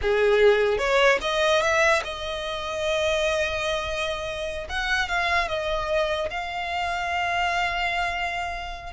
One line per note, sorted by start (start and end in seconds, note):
0.01 0.78 G#4
0.78 1.18 C#5
1.21 1.61 D#5
1.61 2.02 E5
2.04 4.67 D#5
4.69 5.08 F#5
5.08 5.48 F5
5.48 6.29 D#5
6.30 8.92 F5